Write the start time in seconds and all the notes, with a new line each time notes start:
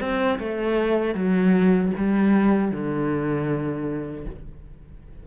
0.00 C4
0.39 A3
1.15 F#3
1.97 G3
2.71 D3